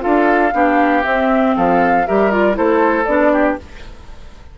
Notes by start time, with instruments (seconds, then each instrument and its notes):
0.00 bassoon D4, clarinet F4, oboe A4, flute F5
0.54 bassoon B3, clarinet D4, oboe G4
1.04 clarinet C4, bassoon C4, flute E5
1.56 bassoon F3, oboe A4, flute F5
2.07 bassoon G3, clarinet G4, oboe A#4, flute E5
2.31 clarinet F4, flute D5
2.53 bassoon A3, clarinet E4, oboe A4, flute C5
3.05 bassoon B3, clarinet D4, flute D5
3.33 oboe G4